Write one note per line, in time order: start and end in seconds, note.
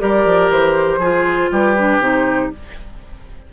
0.00 0.26 G3
0.00 1.01 G4
0.00 1.00 A#4
0.00 0.51 D5
0.26 0.50 F3
0.50 0.98 E3
0.50 1.53 C5
0.98 1.48 F3
0.98 1.78 F4
0.98 1.50 G#4
1.52 2.00 G3
1.52 2.53 G4
1.52 2.02 B4
1.78 2.02 D4
2.00 2.50 C3
2.00 2.52 D#4
2.00 2.53 C5